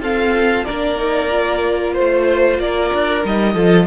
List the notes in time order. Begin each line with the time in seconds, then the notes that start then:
0.00 C4 F4 A4 F5
0.65 A#3 D4 A#4 D5
0.97 D#4
1.29 F4
1.93 A3 C5
2.58 A#3 A#4 D5
2.93 D4
3.24 G3 D#4 D#5
3.54 F3 F4 A4